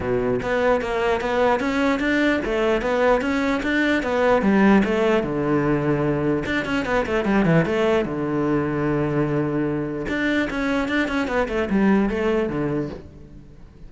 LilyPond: \new Staff \with { instrumentName = "cello" } { \time 4/4 \tempo 4 = 149 b,4 b4 ais4 b4 | cis'4 d'4 a4 b4 | cis'4 d'4 b4 g4 | a4 d2. |
d'8 cis'8 b8 a8 g8 e8 a4 | d1~ | d4 d'4 cis'4 d'8 cis'8 | b8 a8 g4 a4 d4 | }